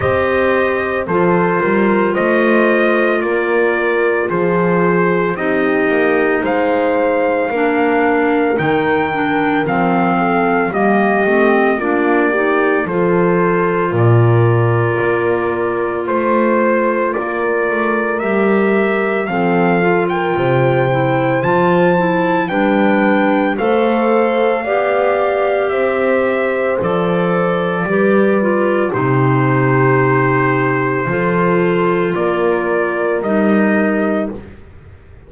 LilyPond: <<
  \new Staff \with { instrumentName = "trumpet" } { \time 4/4 \tempo 4 = 56 dis''4 c''4 dis''4 d''4 | c''4 dis''4 f''2 | g''4 f''4 dis''4 d''4 | c''4 d''2 c''4 |
d''4 e''4 f''8. g''4~ g''16 | a''4 g''4 f''2 | e''4 d''2 c''4~ | c''2 d''4 dis''4 | }
  \new Staff \with { instrumentName = "horn" } { \time 4/4 c''4 a'8 ais'8 c''4 ais'4 | gis'4 g'4 c''4 ais'4~ | ais'4. a'8 g'4 f'8 g'8 | a'4 ais'2 c''4 |
ais'2 a'8. ais'16 c''4~ | c''4 b'4 c''4 d''4 | c''2 b'4 g'4~ | g'4 a'4 ais'2 | }
  \new Staff \with { instrumentName = "clarinet" } { \time 4/4 g'4 f'2.~ | f'4 dis'2 d'4 | dis'8 d'8 c'4 ais8 c'8 d'8 dis'8 | f'1~ |
f'4 g'4 c'8 f'4 e'8 | f'8 e'8 d'4 a'4 g'4~ | g'4 a'4 g'8 f'8 dis'4~ | dis'4 f'2 dis'4 | }
  \new Staff \with { instrumentName = "double bass" } { \time 4/4 c'4 f8 g8 a4 ais4 | f4 c'8 ais8 gis4 ais4 | dis4 f4 g8 a8 ais4 | f4 ais,4 ais4 a4 |
ais8 a8 g4 f4 c4 | f4 g4 a4 b4 | c'4 f4 g4 c4~ | c4 f4 ais4 g4 | }
>>